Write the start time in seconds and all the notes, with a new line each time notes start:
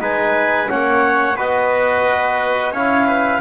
0.00 G#3 D#4 B4 G#5
0.67 A#3 C#4 C#5 F#5
1.35 B3 F#4 B4 D#5
2.71 C#4 E4 C#5 F5
3.07 B4